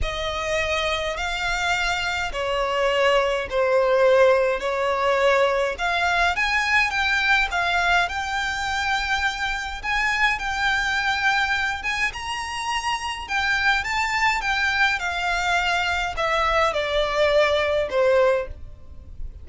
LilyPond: \new Staff \with { instrumentName = "violin" } { \time 4/4 \tempo 4 = 104 dis''2 f''2 | cis''2 c''2 | cis''2 f''4 gis''4 | g''4 f''4 g''2~ |
g''4 gis''4 g''2~ | g''8 gis''8 ais''2 g''4 | a''4 g''4 f''2 | e''4 d''2 c''4 | }